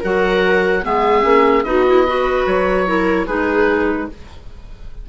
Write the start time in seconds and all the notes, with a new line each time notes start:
0.00 F#3 F#4 A#4 F#5
0.83 G#3 B3 G#4 E5
1.22 A#3 C#4
1.63 B3 D#4 F#4 D#5
1.87 E4
2.06 F#4 B4
2.46 F#3 C#5
2.86 E4 A#4
3.26 G#3 D#4 G#4 B4